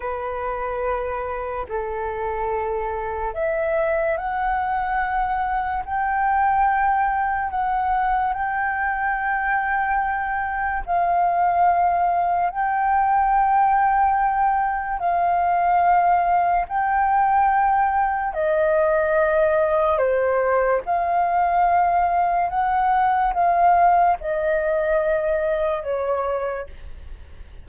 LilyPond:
\new Staff \with { instrumentName = "flute" } { \time 4/4 \tempo 4 = 72 b'2 a'2 | e''4 fis''2 g''4~ | g''4 fis''4 g''2~ | g''4 f''2 g''4~ |
g''2 f''2 | g''2 dis''2 | c''4 f''2 fis''4 | f''4 dis''2 cis''4 | }